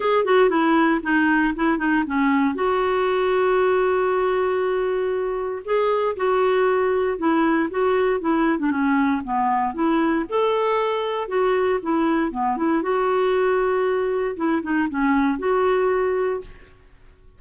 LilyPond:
\new Staff \with { instrumentName = "clarinet" } { \time 4/4 \tempo 4 = 117 gis'8 fis'8 e'4 dis'4 e'8 dis'8 | cis'4 fis'2.~ | fis'2. gis'4 | fis'2 e'4 fis'4 |
e'8. d'16 cis'4 b4 e'4 | a'2 fis'4 e'4 | b8 e'8 fis'2. | e'8 dis'8 cis'4 fis'2 | }